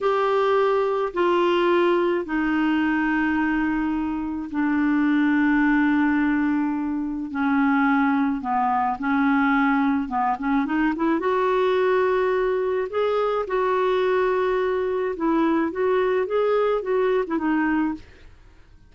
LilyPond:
\new Staff \with { instrumentName = "clarinet" } { \time 4/4 \tempo 4 = 107 g'2 f'2 | dis'1 | d'1~ | d'4 cis'2 b4 |
cis'2 b8 cis'8 dis'8 e'8 | fis'2. gis'4 | fis'2. e'4 | fis'4 gis'4 fis'8. e'16 dis'4 | }